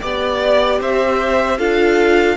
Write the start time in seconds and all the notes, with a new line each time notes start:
0.00 B3 G4 D5
0.80 C4 C5 E5
1.58 D4 F4 A4 F5